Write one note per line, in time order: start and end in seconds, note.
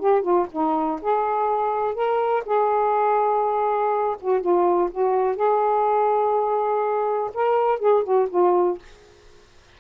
0.00 0.22 G4
0.22 0.47 F4
0.52 1.00 D#4
1.02 1.94 G#4
1.94 2.43 A#4
2.46 4.17 G#4
4.21 4.41 F#4
4.41 4.90 F4
4.91 5.36 F#4
5.36 7.31 G#4
7.34 7.80 A#4
7.80 8.04 G#4
8.04 8.28 F#4
8.30 8.79 F4